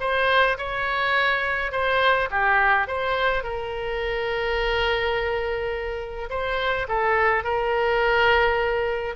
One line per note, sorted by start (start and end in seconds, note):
0.00 0.57 C5
0.58 1.72 C#5
1.72 2.29 C5
2.31 2.88 G4
2.88 3.43 C5
3.43 6.29 A#4
6.30 6.87 C5
6.88 7.44 A4
7.44 9.15 A#4